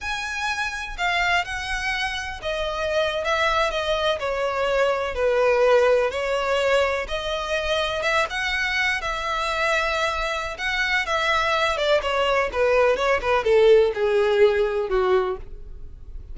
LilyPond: \new Staff \with { instrumentName = "violin" } { \time 4/4 \tempo 4 = 125 gis''2 f''4 fis''4~ | fis''4 dis''4.~ dis''16 e''4 dis''16~ | dis''8. cis''2 b'4~ b'16~ | b'8. cis''2 dis''4~ dis''16~ |
dis''8. e''8 fis''4. e''4~ e''16~ | e''2 fis''4 e''4~ | e''8 d''8 cis''4 b'4 cis''8 b'8 | a'4 gis'2 fis'4 | }